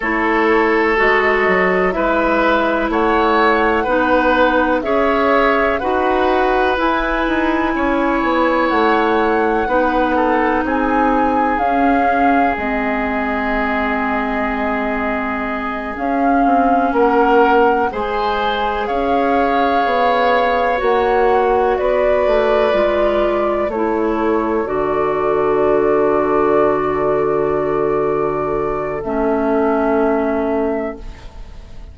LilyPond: <<
  \new Staff \with { instrumentName = "flute" } { \time 4/4 \tempo 4 = 62 cis''4 dis''4 e''4 fis''4~ | fis''4 e''4 fis''4 gis''4~ | gis''4 fis''2 gis''4 | f''4 dis''2.~ |
dis''8 f''4 fis''4 gis''4 f''8~ | f''4. fis''4 d''4.~ | d''8 cis''4 d''2~ d''8~ | d''2 e''2 | }
  \new Staff \with { instrumentName = "oboe" } { \time 4/4 a'2 b'4 cis''4 | b'4 cis''4 b'2 | cis''2 b'8 a'8 gis'4~ | gis'1~ |
gis'4. ais'4 c''4 cis''8~ | cis''2~ cis''8 b'4.~ | b'8 a'2.~ a'8~ | a'1 | }
  \new Staff \with { instrumentName = "clarinet" } { \time 4/4 e'4 fis'4 e'2 | dis'4 gis'4 fis'4 e'4~ | e'2 dis'2 | cis'4 c'2.~ |
c'8 cis'2 gis'4.~ | gis'4. fis'2 f'8~ | f'8 e'4 fis'2~ fis'8~ | fis'2 cis'2 | }
  \new Staff \with { instrumentName = "bassoon" } { \time 4/4 a4 gis8 fis8 gis4 a4 | b4 cis'4 dis'4 e'8 dis'8 | cis'8 b8 a4 b4 c'4 | cis'4 gis2.~ |
gis8 cis'8 c'8 ais4 gis4 cis'8~ | cis'8 b4 ais4 b8 a8 gis8~ | gis8 a4 d2~ d8~ | d2 a2 | }
>>